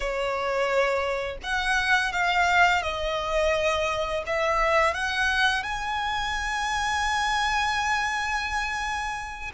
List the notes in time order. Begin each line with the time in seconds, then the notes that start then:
0.00 C#5
1.43 F#5
2.12 F5
2.82 D#5
4.26 E5
4.93 F#5
5.63 G#5